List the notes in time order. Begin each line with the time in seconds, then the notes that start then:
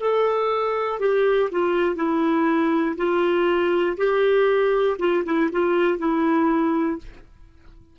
0.00 A4
1.00 G4
1.51 F4
1.96 E4
2.97 F4
3.98 G4
4.99 F4
5.25 E4
5.52 F4
5.99 E4